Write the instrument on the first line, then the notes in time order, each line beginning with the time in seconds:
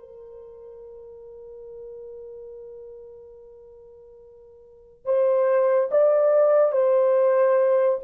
horn
0.00 A#4
5.06 C5
5.92 D5
6.73 C5